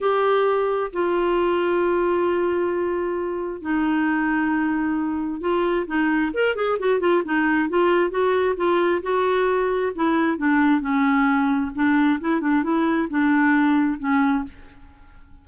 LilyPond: \new Staff \with { instrumentName = "clarinet" } { \time 4/4 \tempo 4 = 133 g'2 f'2~ | f'1 | dis'1 | f'4 dis'4 ais'8 gis'8 fis'8 f'8 |
dis'4 f'4 fis'4 f'4 | fis'2 e'4 d'4 | cis'2 d'4 e'8 d'8 | e'4 d'2 cis'4 | }